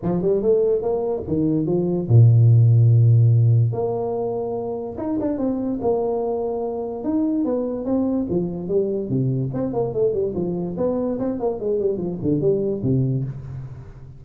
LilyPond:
\new Staff \with { instrumentName = "tuba" } { \time 4/4 \tempo 4 = 145 f8 g8 a4 ais4 dis4 | f4 ais,2.~ | ais,4 ais2. | dis'8 d'8 c'4 ais2~ |
ais4 dis'4 b4 c'4 | f4 g4 c4 c'8 ais8 | a8 g8 f4 b4 c'8 ais8 | gis8 g8 f8 d8 g4 c4 | }